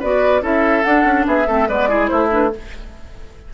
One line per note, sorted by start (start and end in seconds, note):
0.00 0.42 B3
0.00 0.42 F#4
0.00 0.42 B4
0.00 0.44 D5
0.42 0.84 C#4
0.42 0.83 E4
0.42 1.26 A4
0.42 0.84 E5
0.84 1.47 D4
0.84 1.05 D4
0.84 1.26 F#5
1.05 1.26 C#4
1.27 1.48 B3
1.27 1.48 G#4
1.27 1.69 E5
1.47 1.69 A3
1.47 1.68 C4
1.47 1.68 A4
1.69 2.11 G#3
1.69 1.89 B3
1.69 1.90 B4
1.69 2.08 D5
1.89 2.30 E4
1.89 2.11 G#4
2.08 2.54 A3
2.08 2.53 E4
2.08 2.29 C5
2.30 2.51 D4
2.30 2.54 B4